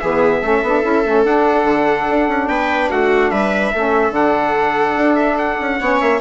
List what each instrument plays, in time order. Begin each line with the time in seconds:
0.00 bassoon E3, saxophone B3, viola G#4, trumpet E5
0.42 bassoon A3, saxophone C#4, viola A4
0.63 bassoon B3, saxophone D4
0.83 bassoon C#4, saxophone E4
1.06 bassoon A3, saxophone C#4
1.25 bassoon D4, saxophone D4, trumpet F#5
1.64 bassoon D3
2.11 bassoon D4
2.29 bassoon C#4
2.49 bassoon B3, viola B4, trumpet G5
2.91 bassoon A3, viola F#4, trumpet F#5
3.31 bassoon G3, viola B4, trumpet E5
3.73 bassoon A3, saxophone C#4, viola A4
4.11 bassoon D3, saxophone D4, trumpet F#5
4.97 bassoon D4
5.16 trumpet E5
5.39 trumpet F#5
5.61 bassoon C#4
5.81 bassoon B3, saxophone C#4, viola C#5
6.01 bassoon A#3, trumpet E5